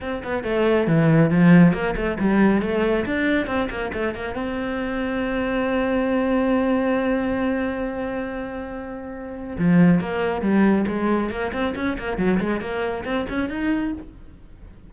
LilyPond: \new Staff \with { instrumentName = "cello" } { \time 4/4 \tempo 4 = 138 c'8 b8 a4 e4 f4 | ais8 a8 g4 a4 d'4 | c'8 ais8 a8 ais8 c'2~ | c'1~ |
c'1~ | c'2 f4 ais4 | g4 gis4 ais8 c'8 cis'8 ais8 | fis8 gis8 ais4 c'8 cis'8 dis'4 | }